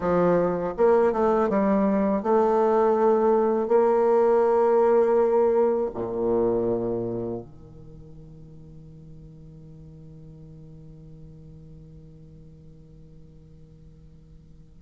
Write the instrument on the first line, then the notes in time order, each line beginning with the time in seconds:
bassoon
0.00 F3
0.77 A#3
1.12 A3
1.48 G3
2.22 A3
3.68 A#3
5.94 A#2
7.41 D#3